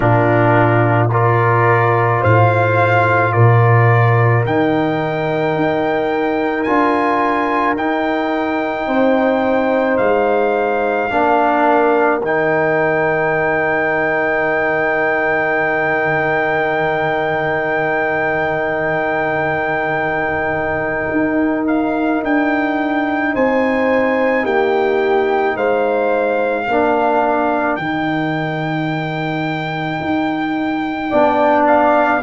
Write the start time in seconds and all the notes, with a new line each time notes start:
0.00 A#2 D4 F4 A#4
1.10 F4 A#4 D5
2.20 A2 C5 F5
3.32 A#2 A#4 D5
4.45 D#3 D#4 G5
5.55 D#4
6.63 D4 F4 G#5
7.76 D#4 G5
8.87 C4 C5
9.97 G#3 F5
11.09 A#3 D4 A#4
12.21 D#3 D#4 G5
21.11 D#4
21.67 F5
22.23 D4 G5
23.33 C4 C5 G#5
24.44 A#3 G4 G5
25.56 G#3 C5 F5
26.65 A#3 D4 A#4
27.75 D#3 D#4 G5
30.00 D#4
31.10 B3 D4 D5
31.67 F5